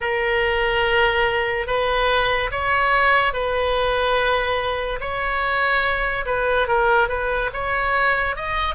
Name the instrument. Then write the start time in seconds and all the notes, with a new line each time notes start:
oboe
0.00 A#4
1.67 B4
2.51 C#5
3.33 B4
5.00 C#5
6.25 B4
6.67 A#4
7.08 B4
7.53 C#5
8.36 D#5